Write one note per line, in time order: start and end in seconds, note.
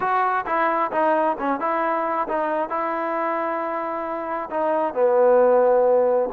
0.00 0.45 F#4
0.46 0.91 E4
0.91 1.36 D#4
1.39 1.60 C#4
1.60 2.27 E4
2.28 2.69 D#4
2.69 4.49 E4
4.50 4.94 D#4
4.94 6.29 B3